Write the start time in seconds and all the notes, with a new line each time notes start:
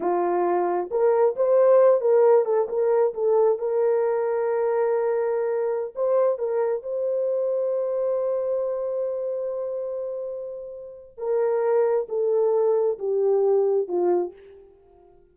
0.00 F4
0.90 A#4
1.36 C5
2.00 A#4
2.45 A4
2.69 A#4
3.13 A4
3.58 A#4
5.95 C5
6.38 A#4
6.82 C5
11.17 A#4
12.09 A4
12.98 G4
13.87 F4